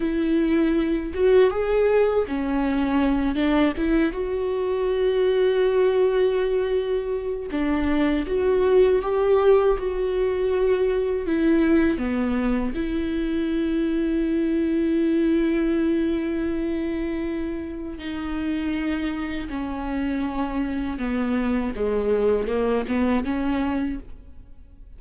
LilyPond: \new Staff \with { instrumentName = "viola" } { \time 4/4 \tempo 4 = 80 e'4. fis'8 gis'4 cis'4~ | cis'8 d'8 e'8 fis'2~ fis'8~ | fis'2 d'4 fis'4 | g'4 fis'2 e'4 |
b4 e'2.~ | e'1 | dis'2 cis'2 | b4 gis4 ais8 b8 cis'4 | }